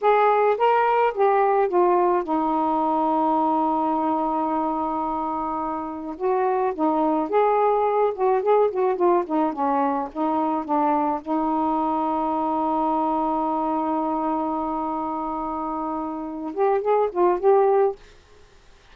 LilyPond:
\new Staff \with { instrumentName = "saxophone" } { \time 4/4 \tempo 4 = 107 gis'4 ais'4 g'4 f'4 | dis'1~ | dis'2. fis'4 | dis'4 gis'4. fis'8 gis'8 fis'8 |
f'8 dis'8 cis'4 dis'4 d'4 | dis'1~ | dis'1~ | dis'4. g'8 gis'8 f'8 g'4 | }